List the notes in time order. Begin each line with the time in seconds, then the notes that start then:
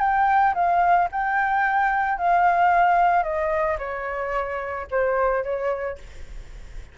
0.00 G5
0.54 F5
1.12 G5
2.18 F5
3.23 D#5
3.78 C#5
4.91 C5
5.44 C#5